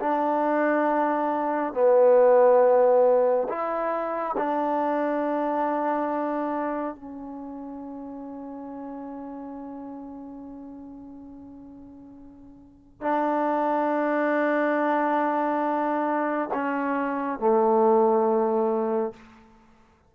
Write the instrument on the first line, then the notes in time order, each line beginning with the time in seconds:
trombone
0.00 D4
1.74 B3
3.49 E4
4.37 D4
6.95 C#4
13.01 D4
16.53 C#4
17.39 A3